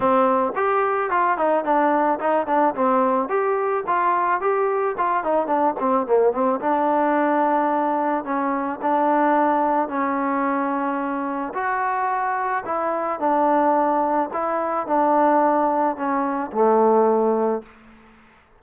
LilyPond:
\new Staff \with { instrumentName = "trombone" } { \time 4/4 \tempo 4 = 109 c'4 g'4 f'8 dis'8 d'4 | dis'8 d'8 c'4 g'4 f'4 | g'4 f'8 dis'8 d'8 c'8 ais8 c'8 | d'2. cis'4 |
d'2 cis'2~ | cis'4 fis'2 e'4 | d'2 e'4 d'4~ | d'4 cis'4 a2 | }